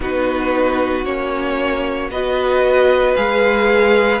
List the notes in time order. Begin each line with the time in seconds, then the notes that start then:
0.00 B3 D#4 F#4 B4
1.04 A#3 C#4 C#5
2.10 B3 F#4 B4 D#5
3.15 G#3 G#4 F5